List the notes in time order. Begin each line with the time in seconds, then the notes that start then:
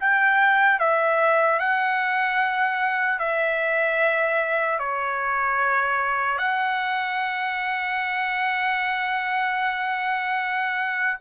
0.00 G5
0.80 E5
1.60 F#5
3.19 E5
4.79 C#5
6.39 F#5